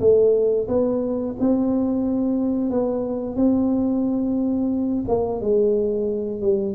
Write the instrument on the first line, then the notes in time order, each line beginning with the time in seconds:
tuba
0.00 A3
0.68 B3
1.40 C4
2.71 B3
3.36 C4
5.08 A#3
5.41 G#3
6.41 G3